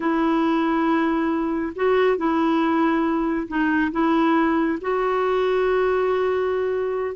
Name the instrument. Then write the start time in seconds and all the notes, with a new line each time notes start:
clarinet
0.00 E4
1.75 F#4
2.17 E4
3.47 D#4
3.91 E4
4.81 F#4